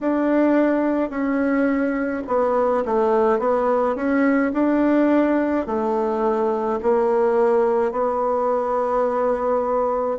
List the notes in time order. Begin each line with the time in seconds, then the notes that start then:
0.00 D4
1.10 C#4
2.27 B3
2.85 A3
3.39 B3
3.95 C#4
4.53 D4
5.66 A3
6.82 A#3
7.91 B3